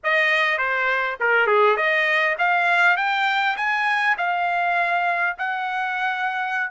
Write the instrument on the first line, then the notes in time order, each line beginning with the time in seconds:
trumpet
0.03 D#5
0.58 C5
1.20 A#4
1.47 G#4
1.76 D#5
2.38 F5
2.96 G5
3.56 G#5
4.17 F5
5.38 F#5